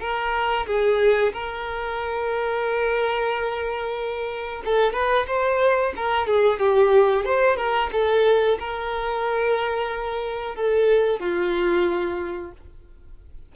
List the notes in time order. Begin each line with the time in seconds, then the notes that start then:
0.00 A#4
0.66 G#4
1.33 A#4
4.65 A4
4.93 B4
5.27 C5
5.96 A#4
6.27 G#4
6.59 G4
7.25 C5
7.56 A#4
7.92 A4
8.59 A#4
10.55 A4
11.19 F4